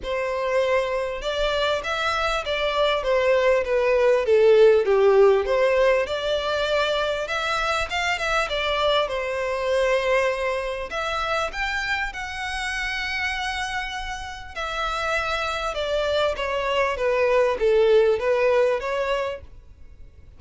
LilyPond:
\new Staff \with { instrumentName = "violin" } { \time 4/4 \tempo 4 = 99 c''2 d''4 e''4 | d''4 c''4 b'4 a'4 | g'4 c''4 d''2 | e''4 f''8 e''8 d''4 c''4~ |
c''2 e''4 g''4 | fis''1 | e''2 d''4 cis''4 | b'4 a'4 b'4 cis''4 | }